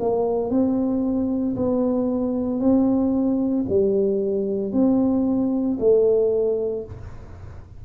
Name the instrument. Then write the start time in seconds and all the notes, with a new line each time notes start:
tuba
0.00 A#3
0.50 C4
1.56 B3
2.60 C4
3.69 G3
4.72 C4
5.79 A3